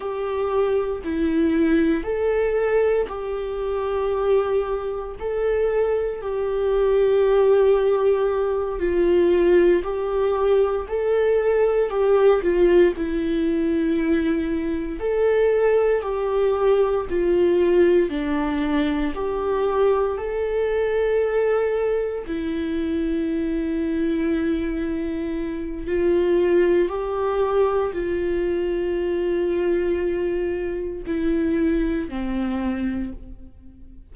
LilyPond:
\new Staff \with { instrumentName = "viola" } { \time 4/4 \tempo 4 = 58 g'4 e'4 a'4 g'4~ | g'4 a'4 g'2~ | g'8 f'4 g'4 a'4 g'8 | f'8 e'2 a'4 g'8~ |
g'8 f'4 d'4 g'4 a'8~ | a'4. e'2~ e'8~ | e'4 f'4 g'4 f'4~ | f'2 e'4 c'4 | }